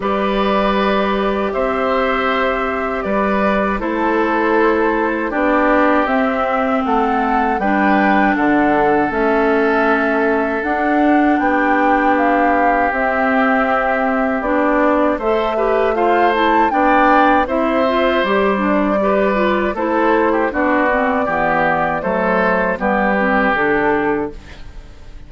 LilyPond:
<<
  \new Staff \with { instrumentName = "flute" } { \time 4/4 \tempo 4 = 79 d''2 e''2 | d''4 c''2 d''4 | e''4 fis''4 g''4 fis''4 | e''2 fis''4 g''4 |
f''4 e''2 d''4 | e''4 f''8 a''8 g''4 e''4 | d''2 c''4 d''4~ | d''4 c''4 b'4 a'4 | }
  \new Staff \with { instrumentName = "oboe" } { \time 4/4 b'2 c''2 | b'4 a'2 g'4~ | g'4 a'4 b'4 a'4~ | a'2. g'4~ |
g'1 | c''8 b'8 c''4 d''4 c''4~ | c''4 b'4 a'8. g'16 fis'4 | g'4 a'4 g'2 | }
  \new Staff \with { instrumentName = "clarinet" } { \time 4/4 g'1~ | g'4 e'2 d'4 | c'2 d'2 | cis'2 d'2~ |
d'4 c'2 d'4 | a'8 g'8 f'8 e'8 d'4 e'8 f'8 | g'8 d'8 g'8 f'8 e'4 d'8 c'8 | b4 a4 b8 c'8 d'4 | }
  \new Staff \with { instrumentName = "bassoon" } { \time 4/4 g2 c'2 | g4 a2 b4 | c'4 a4 g4 d4 | a2 d'4 b4~ |
b4 c'2 b4 | a2 b4 c'4 | g2 a4 b4 | e4 fis4 g4 d4 | }
>>